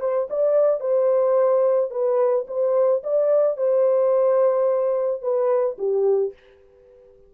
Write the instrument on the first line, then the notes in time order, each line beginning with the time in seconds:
horn
0.00 C5
0.30 D5
0.80 C5
1.91 B4
2.47 C5
3.04 D5
3.57 C5
5.22 B4
5.78 G4